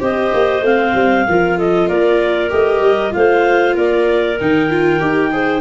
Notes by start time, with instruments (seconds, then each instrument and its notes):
0.00 tuba C4, viola G4, clarinet C5 D#5
0.34 tuba A#3
0.61 tuba A3, viola C4, clarinet F5
0.95 tuba G3
1.28 tuba F3, viola F4, clarinet A#4
1.58 clarinet A4 D#5
1.88 tuba A#3, clarinet A#4 D5
2.50 tuba A3, viola G4, clarinet D#5
2.81 tuba G3
3.10 tuba A3, viola F4, clarinet F5
3.17 clarinet C5
3.75 tuba A#3, clarinet A#4 D5
4.41 tuba D#3, viola D#4, clarinet G5
4.70 viola F4
5.00 tuba D#4, viola G4
5.32 viola G#4, clarinet C5